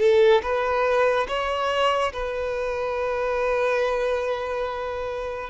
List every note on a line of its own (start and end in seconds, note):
0.00 0.42 A4
0.43 1.28 B4
1.29 2.13 C#5
2.13 5.50 B4